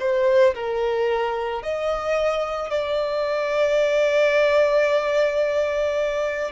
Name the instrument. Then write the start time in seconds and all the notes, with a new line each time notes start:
violin
0.00 C5
0.55 A#4
1.63 D#5
2.70 D5